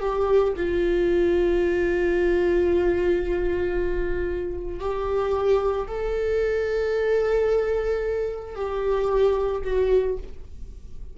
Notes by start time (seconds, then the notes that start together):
0.00 G4
0.56 F4
4.80 G4
5.88 A4
8.56 G4
9.64 F#4